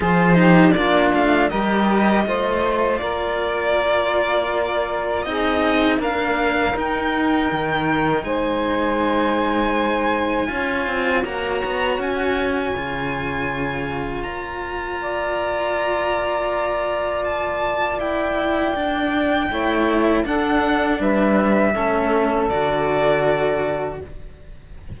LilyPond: <<
  \new Staff \with { instrumentName = "violin" } { \time 4/4 \tempo 4 = 80 c''4 d''8 f''8 dis''2 | d''2. dis''4 | f''4 g''2 gis''4~ | gis''2. ais''4 |
gis''2. ais''4~ | ais''2. a''4 | g''2. fis''4 | e''2 d''2 | }
  \new Staff \with { instrumentName = "saxophone" } { \time 4/4 gis'8 g'8 f'4 ais'4 c''4 | ais'2. gis'4 | ais'2. c''4~ | c''2 cis''2~ |
cis''1 | d''1~ | d''2 cis''4 a'4 | b'4 a'2. | }
  \new Staff \with { instrumentName = "cello" } { \time 4/4 f'8 dis'8 d'4 g'4 f'4~ | f'2. dis'4 | ais4 dis'2.~ | dis'2 f'4 fis'4~ |
fis'4 f'2.~ | f'1 | e'4 d'4 e'4 d'4~ | d'4 cis'4 fis'2 | }
  \new Staff \with { instrumentName = "cello" } { \time 4/4 f4 ais8 a8 g4 a4 | ais2. c'4 | d'4 dis'4 dis4 gis4~ | gis2 cis'8 c'8 ais8 b8 |
cis'4 cis2 ais4~ | ais1~ | ais2 a4 d'4 | g4 a4 d2 | }
>>